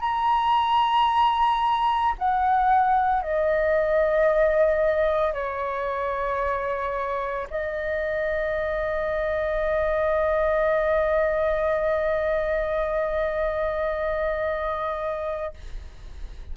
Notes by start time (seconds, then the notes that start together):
0.00 A#5
2.18 F#5
3.21 D#5
5.33 C#5
7.50 D#5